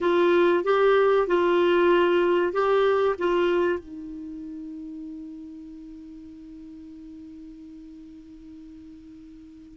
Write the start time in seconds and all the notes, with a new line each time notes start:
0.00 F4
0.63 G4
1.27 F4
2.52 G4
3.18 F4
3.79 D#4